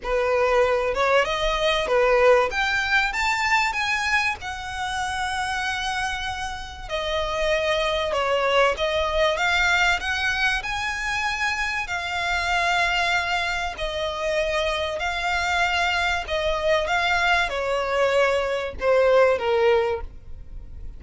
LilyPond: \new Staff \with { instrumentName = "violin" } { \time 4/4 \tempo 4 = 96 b'4. cis''8 dis''4 b'4 | g''4 a''4 gis''4 fis''4~ | fis''2. dis''4~ | dis''4 cis''4 dis''4 f''4 |
fis''4 gis''2 f''4~ | f''2 dis''2 | f''2 dis''4 f''4 | cis''2 c''4 ais'4 | }